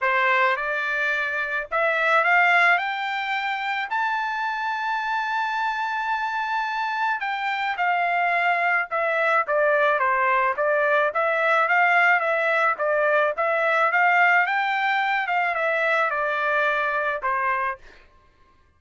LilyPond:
\new Staff \with { instrumentName = "trumpet" } { \time 4/4 \tempo 4 = 108 c''4 d''2 e''4 | f''4 g''2 a''4~ | a''1~ | a''4 g''4 f''2 |
e''4 d''4 c''4 d''4 | e''4 f''4 e''4 d''4 | e''4 f''4 g''4. f''8 | e''4 d''2 c''4 | }